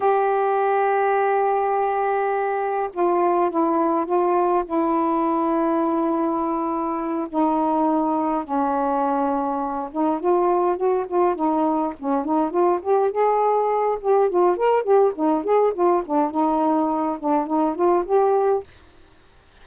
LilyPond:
\new Staff \with { instrumentName = "saxophone" } { \time 4/4 \tempo 4 = 103 g'1~ | g'4 f'4 e'4 f'4 | e'1~ | e'8 dis'2 cis'4.~ |
cis'4 dis'8 f'4 fis'8 f'8 dis'8~ | dis'8 cis'8 dis'8 f'8 g'8 gis'4. | g'8 f'8 ais'8 g'8 dis'8 gis'8 f'8 d'8 | dis'4. d'8 dis'8 f'8 g'4 | }